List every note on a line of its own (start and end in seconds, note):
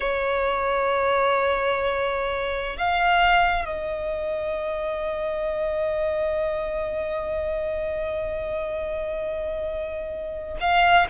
0.00 2.77 C#5
2.77 3.65 F5
3.65 10.57 D#5
10.60 11.06 F5